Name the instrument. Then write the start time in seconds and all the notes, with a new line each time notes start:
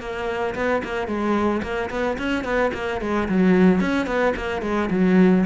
cello
0.00 A#3
0.55 B3
0.84 A#3
1.07 G#3
1.62 A#3
1.90 B3
2.18 C#4
2.44 B3
2.74 A#3
3.01 G#3
3.29 F#3
3.81 C#4
4.07 B3
4.36 A#3
4.62 G#3
4.90 F#3